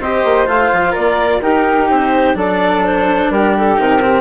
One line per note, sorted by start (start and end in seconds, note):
0.00 0.24 C4
0.00 0.46 G4
0.00 0.91 C5
0.00 0.48 D#5
0.25 0.47 A#3
0.46 0.70 A3
0.46 1.41 F4
0.46 0.95 F5
0.73 0.96 F3
0.91 1.41 A#3
0.91 1.39 A#4
0.91 1.42 D5
1.41 1.88 D#4
1.41 2.35 D#4
1.41 2.37 G4
1.41 1.89 A#4
1.90 2.35 C4
1.90 2.37 C5
2.35 3.29 F#3
2.35 3.76 D4
2.35 3.31 A4
2.35 2.85 D5
2.85 3.31 C5
3.30 3.77 G3
3.30 4.21 G4
3.30 3.55 A#4
3.57 3.80 A4
3.76 4.21 C3
3.76 4.00 D#4
3.76 4.21 A#4
4.02 4.21 C4